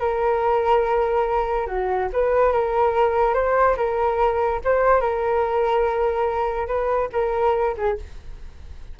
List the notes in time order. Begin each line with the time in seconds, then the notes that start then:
0.00 A#4
1.67 F#4
2.13 B4
2.53 A#4
3.34 C5
3.77 A#4
4.65 C5
5.01 A#4
6.67 B4
7.13 A#4
7.77 G#4